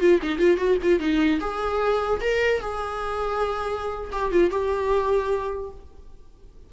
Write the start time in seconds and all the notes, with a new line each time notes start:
0.00 F4
0.22 D#4
0.38 F4
0.57 F#4
0.82 F4
0.99 D#4
1.40 G#4
2.20 A#4
2.60 G#4
4.12 G4
4.31 F4
4.50 G4